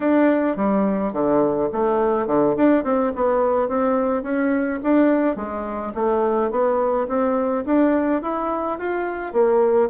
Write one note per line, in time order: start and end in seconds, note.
0.00 0.56 D4
0.56 1.12 G3
1.12 1.69 D3
1.72 2.26 A3
2.26 2.55 D3
2.56 2.84 D4
2.84 3.12 C4
3.15 3.68 B3
3.68 4.22 C4
4.22 4.79 C#4
4.83 5.36 D4
5.36 5.92 G#3
5.94 6.50 A3
6.50 7.07 B3
7.08 7.64 C4
7.65 8.22 D4
8.22 8.78 E4
8.78 9.32 F4
9.32 9.89 A#3